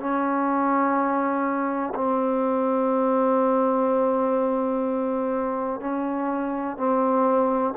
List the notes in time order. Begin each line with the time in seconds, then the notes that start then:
0.00 C#4
1.94 C4
5.81 C#4
6.77 C4